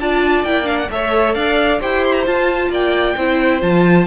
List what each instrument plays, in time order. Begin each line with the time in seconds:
0.00 cello D4, viola F4, violin D5 A5
0.44 cello A#3, viola E4, violin G5
0.64 viola D4, violin F5
0.78 violin F#5
0.91 cello A3, viola A4, violin C#5 E5
1.35 cello D4, violin D5 F5
1.80 cello E4, viola G4, violin C5 G5
2.05 violin C6
2.13 violin A#5
2.26 viola F4, cello F4, violin A5
2.70 cello A#3, violin D5 G5
3.17 cello C4, viola E4, violin C5
3.61 cello F3, viola F4, violin A5